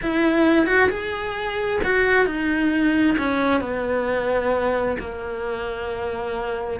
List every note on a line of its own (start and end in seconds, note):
0.01 0.66 E4
0.66 0.89 F#4
0.89 1.80 G#4
1.84 2.25 F#4
2.25 3.16 D#4
3.18 3.60 C#4
3.60 4.97 B3
4.99 6.80 A#3